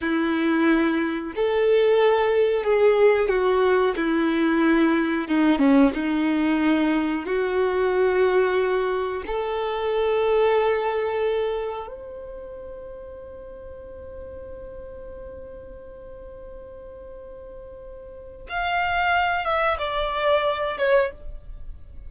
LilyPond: \new Staff \with { instrumentName = "violin" } { \time 4/4 \tempo 4 = 91 e'2 a'2 | gis'4 fis'4 e'2 | dis'8 cis'8 dis'2 fis'4~ | fis'2 a'2~ |
a'2 c''2~ | c''1~ | c''1 | f''4. e''8 d''4. cis''8 | }